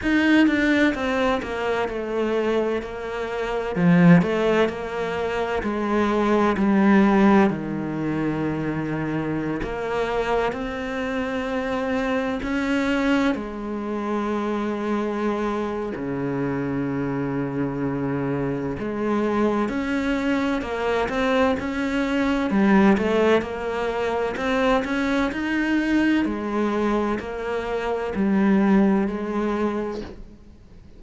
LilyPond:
\new Staff \with { instrumentName = "cello" } { \time 4/4 \tempo 4 = 64 dis'8 d'8 c'8 ais8 a4 ais4 | f8 a8 ais4 gis4 g4 | dis2~ dis16 ais4 c'8.~ | c'4~ c'16 cis'4 gis4.~ gis16~ |
gis4 cis2. | gis4 cis'4 ais8 c'8 cis'4 | g8 a8 ais4 c'8 cis'8 dis'4 | gis4 ais4 g4 gis4 | }